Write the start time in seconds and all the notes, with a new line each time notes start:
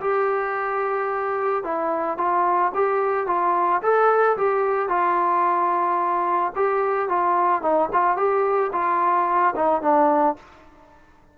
0.00 G4
1.63 E4
2.17 F4
2.74 G4
3.27 F4
3.82 A4
4.37 G4
4.89 F4
6.56 G4
7.09 F4
7.62 D#4
7.92 F4
8.16 G4
8.72 F4
9.55 D#4
9.81 D4